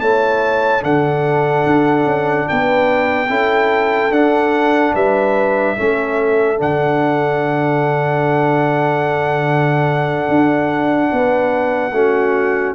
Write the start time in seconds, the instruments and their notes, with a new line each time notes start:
0.00 tuba A3, trombone E4, horn C#5, trumpet A5
0.80 tuba D3, trombone D4, horn A4, trumpet F#5
1.65 tuba D4
2.04 tuba C#4
2.48 tuba B3, horn B4, trumpet G5
3.29 tuba C#4, trombone E4, horn A4
4.10 tuba D4, trombone D4, trumpet F#5
4.93 tuba G3, horn B4, trumpet E5
5.76 tuba A3, trombone C#4, horn A4
6.57 tuba D3, trombone D4, trumpet F#5
10.28 tuba D4
11.11 tuba B3, horn B4
11.91 tuba A3, trombone C#4, horn F#4